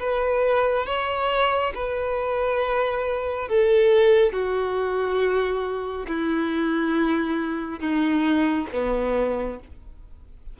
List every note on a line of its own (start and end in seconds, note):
0.00 0.87 B4
0.87 1.74 C#5
1.75 3.49 B4
3.49 4.33 A4
4.33 6.07 F#4
6.08 7.80 E4
7.80 8.67 D#4
8.73 9.60 B3